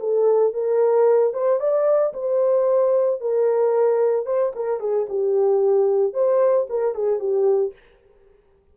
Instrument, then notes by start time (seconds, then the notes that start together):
horn
0.00 A4
0.54 A#4
1.34 C5
1.60 D5
2.14 C5
3.21 A#4
4.26 C5
4.56 A#4
4.80 G#4
5.10 G4
6.14 C5
6.70 A#4
6.95 G#4
7.20 G4